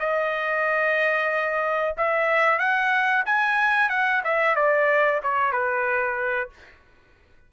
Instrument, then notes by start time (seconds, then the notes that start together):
trumpet
0.00 D#5
1.97 E5
2.59 F#5
3.26 G#5
3.90 F#5
4.25 E5
4.56 D5
5.23 C#5
5.52 B4